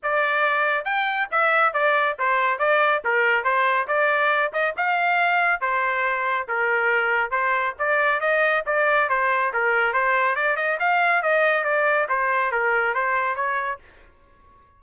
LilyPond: \new Staff \with { instrumentName = "trumpet" } { \time 4/4 \tempo 4 = 139 d''2 g''4 e''4 | d''4 c''4 d''4 ais'4 | c''4 d''4. dis''8 f''4~ | f''4 c''2 ais'4~ |
ais'4 c''4 d''4 dis''4 | d''4 c''4 ais'4 c''4 | d''8 dis''8 f''4 dis''4 d''4 | c''4 ais'4 c''4 cis''4 | }